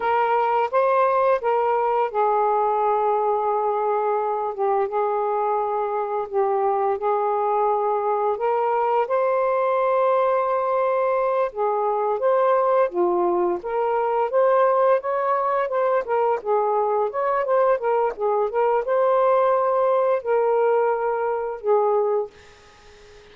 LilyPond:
\new Staff \with { instrumentName = "saxophone" } { \time 4/4 \tempo 4 = 86 ais'4 c''4 ais'4 gis'4~ | gis'2~ gis'8 g'8 gis'4~ | gis'4 g'4 gis'2 | ais'4 c''2.~ |
c''8 gis'4 c''4 f'4 ais'8~ | ais'8 c''4 cis''4 c''8 ais'8 gis'8~ | gis'8 cis''8 c''8 ais'8 gis'8 ais'8 c''4~ | c''4 ais'2 gis'4 | }